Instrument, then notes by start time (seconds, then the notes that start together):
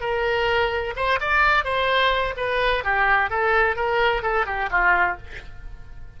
oboe
0.00 A#4
0.95 C5
1.20 D5
1.64 C5
2.37 B4
2.84 G4
3.29 A4
3.76 A#4
4.22 A4
4.46 G4
4.70 F4